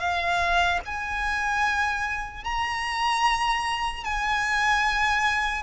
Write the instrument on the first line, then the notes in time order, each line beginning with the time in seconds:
violin
0.00 F5
0.86 G#5
2.44 A#5
4.04 G#5